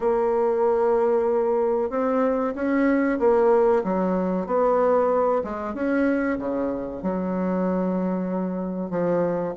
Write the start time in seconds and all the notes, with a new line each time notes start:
0.00 A#3
1.90 C4
2.55 C#4
3.19 A#3
3.84 F#3
4.46 B3
5.44 G#3
5.74 C#4
6.38 C#3
7.02 F#3
8.90 F3